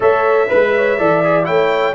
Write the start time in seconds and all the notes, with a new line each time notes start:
0.00 A3 A4 C#5 E5
0.47 G#3 B4
0.76 C#5
0.98 E3 A4 D5
1.24 G#4
1.44 A3 E4 C#5 G5